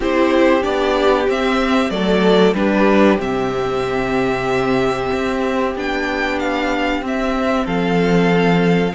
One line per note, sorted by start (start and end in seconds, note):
0.00 0.64 C4
0.00 0.62 E4
0.00 1.91 G4
0.00 0.62 C5
0.62 1.28 B3
0.62 1.26 D4
0.62 1.26 D5
1.28 1.90 C4
1.28 1.90 E5
1.90 2.54 F#3
1.90 2.54 A3
1.90 2.56 A4
1.90 2.54 D5
2.54 3.18 G3
2.54 3.18 D4
2.54 7.65 G4
2.54 3.18 B4
3.18 5.10 C3
3.18 5.73 C4
3.18 5.76 E5
5.12 5.75 C4
5.75 7.01 B3
5.75 7.02 D4
5.75 6.39 G5
6.39 7.03 F5
7.01 7.65 C4
7.01 8.93 C4
7.01 7.66 E5
7.65 8.93 F3
7.65 8.92 A4
7.65 8.94 F5